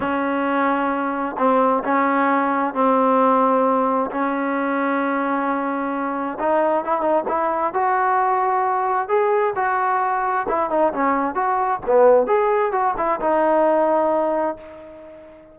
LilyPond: \new Staff \with { instrumentName = "trombone" } { \time 4/4 \tempo 4 = 132 cis'2. c'4 | cis'2 c'2~ | c'4 cis'2.~ | cis'2 dis'4 e'8 dis'8 |
e'4 fis'2. | gis'4 fis'2 e'8 dis'8 | cis'4 fis'4 b4 gis'4 | fis'8 e'8 dis'2. | }